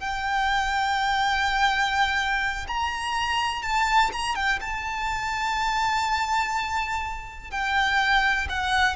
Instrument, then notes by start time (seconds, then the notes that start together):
violin
0.00 G5
2.67 A#5
3.62 A5
4.12 A#5
4.35 G5
4.61 A5
7.50 G5
8.49 F#5